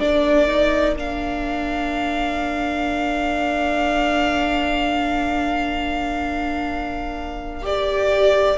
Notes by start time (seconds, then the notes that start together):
0.00 A#3 D4 A#4 D5
0.47 D#4
0.96 D4 F5
7.62 G4 D5